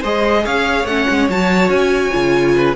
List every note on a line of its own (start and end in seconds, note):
0.00 0.46 G#3
0.00 0.88 G#4
0.00 0.42 C5
0.00 0.46 D#5
0.45 0.84 C#4
0.45 2.55 C#5
0.45 0.86 F5
0.84 1.05 A3
0.84 1.30 C#4
0.84 1.28 F#5
1.10 1.29 G#3
1.29 1.69 F#3
1.29 2.12 F#4
1.29 1.70 A5
1.69 2.11 C#4
1.69 2.75 G#5
2.12 2.76 C#3
2.12 2.75 F4
2.55 2.76 B4